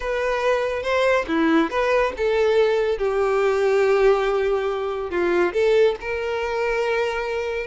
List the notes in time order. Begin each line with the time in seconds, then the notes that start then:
0.00 B4
0.82 C5
1.27 E4
1.70 B4
2.17 A4
2.97 G4
5.10 F4
5.53 A4
6.01 A#4